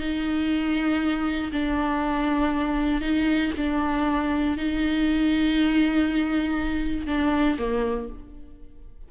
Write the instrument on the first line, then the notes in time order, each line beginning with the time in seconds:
viola
0.00 D#4
1.52 D4
3.01 D#4
3.57 D4
4.57 D#4
7.07 D4
7.58 A#3